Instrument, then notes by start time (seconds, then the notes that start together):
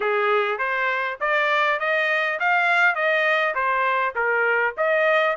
trumpet
0.00 G#4
0.58 C5
1.20 D5
1.79 D#5
2.39 F5
2.95 D#5
3.55 C5
4.15 A#4
4.77 D#5